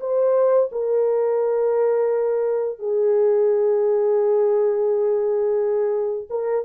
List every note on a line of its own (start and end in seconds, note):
0.00 0.70 C5
0.72 2.79 A#4
2.79 6.28 G#4
6.30 6.65 A#4